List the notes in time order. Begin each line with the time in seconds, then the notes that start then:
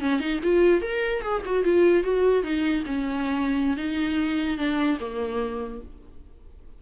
0.00 C#4
0.20 D#4
0.43 F4
0.81 A#4
1.22 G#4
1.45 F#4
1.64 F4
2.04 F#4
2.43 D#4
2.86 C#4
3.77 D#4
4.57 D4
5.00 A#3